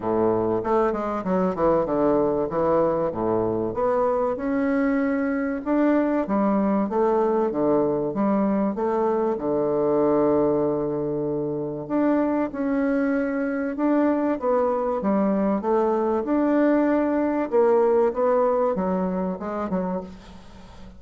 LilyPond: \new Staff \with { instrumentName = "bassoon" } { \time 4/4 \tempo 4 = 96 a,4 a8 gis8 fis8 e8 d4 | e4 a,4 b4 cis'4~ | cis'4 d'4 g4 a4 | d4 g4 a4 d4~ |
d2. d'4 | cis'2 d'4 b4 | g4 a4 d'2 | ais4 b4 fis4 gis8 fis8 | }